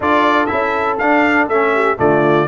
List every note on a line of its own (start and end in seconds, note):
0.00 0.49 D4
0.00 0.48 F4
0.00 1.73 A4
0.00 0.46 D5
0.46 1.00 C#4
0.46 0.97 E4
0.46 0.96 E5
0.98 1.47 D4
0.98 1.50 D4
0.98 1.48 F5
1.47 1.96 A3
1.47 1.96 C#4
1.47 1.98 E5
1.73 1.98 G4
1.96 2.47 D3
1.96 2.46 A3
1.96 2.47 F4
1.96 2.47 D5